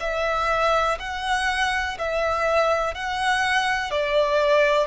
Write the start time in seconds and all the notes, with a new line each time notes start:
0.00 E5
0.99 F#5
1.99 E5
2.94 F#5
3.91 D5